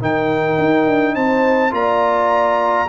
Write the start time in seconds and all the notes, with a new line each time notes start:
0.00 D#3 D#4 A#4 G5
0.59 D#4
0.87 D4
1.15 C4 C5 A5
1.72 A#3 F4 D5 A#5